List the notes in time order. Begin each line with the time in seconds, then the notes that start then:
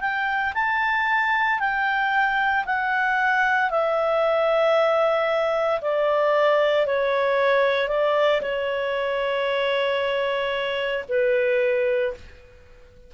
0.00 G5
0.54 A5
1.59 G5
2.65 F#5
3.70 E5
5.81 D5
6.86 C#5
7.88 D5
8.41 C#5
11.08 B4